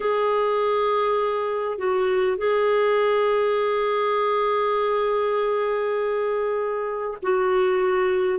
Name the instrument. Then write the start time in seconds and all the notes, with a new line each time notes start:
clarinet
0.00 G#4
1.78 F#4
2.37 G#4
7.22 F#4